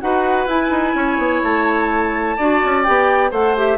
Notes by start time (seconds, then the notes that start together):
0.00 D#4 F#4 B4 F#5
0.46 E4 G#5
0.70 D#4
0.94 C#4 C#5
1.18 B3
1.43 A3 A5
2.37 D4 F#4 D5
2.65 C#4
2.83 B3 G4 G5
3.30 A3 A4 C5 F#5
3.56 G4 E5